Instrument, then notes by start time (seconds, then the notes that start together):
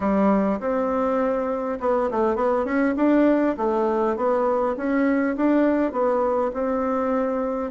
bassoon
0.00 G3
0.59 C4
1.80 B3
2.10 A3
2.35 B3
2.65 C#4
2.96 D4
3.57 A3
4.16 B3
4.76 C#4
5.36 D4
5.92 B3
6.53 C4